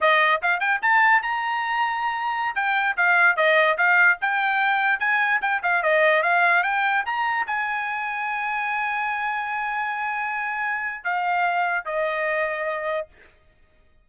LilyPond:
\new Staff \with { instrumentName = "trumpet" } { \time 4/4 \tempo 4 = 147 dis''4 f''8 g''8 a''4 ais''4~ | ais''2~ ais''16 g''4 f''8.~ | f''16 dis''4 f''4 g''4.~ g''16~ | g''16 gis''4 g''8 f''8 dis''4 f''8.~ |
f''16 g''4 ais''4 gis''4.~ gis''16~ | gis''1~ | gis''2. f''4~ | f''4 dis''2. | }